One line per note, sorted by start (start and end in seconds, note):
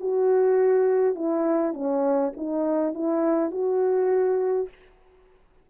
0.00 1.15 F#4
1.15 1.73 E4
1.73 2.32 C#4
2.37 2.94 D#4
2.94 3.51 E4
3.51 4.68 F#4